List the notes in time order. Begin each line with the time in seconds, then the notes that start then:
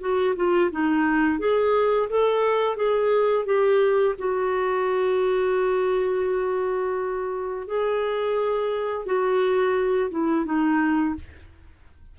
0.00 F#4
0.36 F4
0.71 D#4
1.39 G#4
2.09 A4
2.76 G#4
3.45 G4
4.18 F#4
7.67 G#4
9.06 F#4
10.10 E4
10.45 D#4